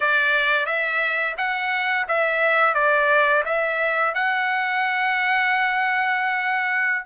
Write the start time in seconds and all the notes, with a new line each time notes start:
0.00 D5
0.66 E5
1.37 F#5
2.08 E5
2.74 D5
3.45 E5
4.14 F#5